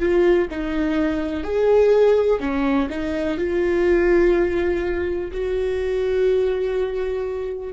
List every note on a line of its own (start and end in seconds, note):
0.00 0.48 F4
0.51 1.44 D#4
1.44 2.40 G#4
2.40 2.89 C#4
2.90 3.38 D#4
3.38 5.31 F4
5.32 7.73 F#4